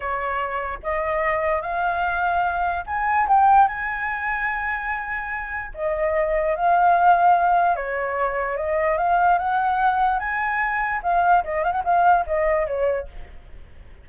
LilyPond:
\new Staff \with { instrumentName = "flute" } { \time 4/4 \tempo 4 = 147 cis''2 dis''2 | f''2. gis''4 | g''4 gis''2.~ | gis''2 dis''2 |
f''2. cis''4~ | cis''4 dis''4 f''4 fis''4~ | fis''4 gis''2 f''4 | dis''8 f''16 fis''16 f''4 dis''4 cis''4 | }